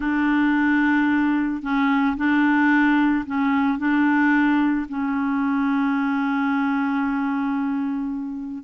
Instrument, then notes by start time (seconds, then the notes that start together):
clarinet
0.00 D4
1.62 C#4
2.16 D4
3.26 C#4
3.78 D4
4.88 C#4